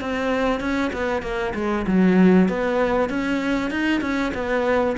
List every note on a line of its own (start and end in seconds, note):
0.00 0.60 C4
0.60 0.91 C#4
0.93 1.22 B3
1.22 1.53 A#3
1.54 1.85 G#3
1.87 2.48 F#3
2.48 3.09 B3
3.09 3.70 C#4
3.70 4.01 D#4
4.01 4.32 C#4
4.34 4.96 B3